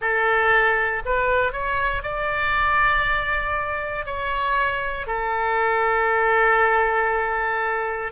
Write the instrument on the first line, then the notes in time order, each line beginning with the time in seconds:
oboe
0.01 A4
1.05 B4
1.52 C#5
2.02 D5
4.05 C#5
5.06 A4